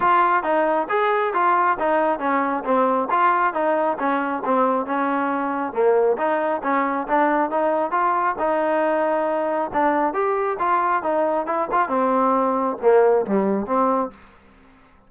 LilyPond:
\new Staff \with { instrumentName = "trombone" } { \time 4/4 \tempo 4 = 136 f'4 dis'4 gis'4 f'4 | dis'4 cis'4 c'4 f'4 | dis'4 cis'4 c'4 cis'4~ | cis'4 ais4 dis'4 cis'4 |
d'4 dis'4 f'4 dis'4~ | dis'2 d'4 g'4 | f'4 dis'4 e'8 f'8 c'4~ | c'4 ais4 g4 c'4 | }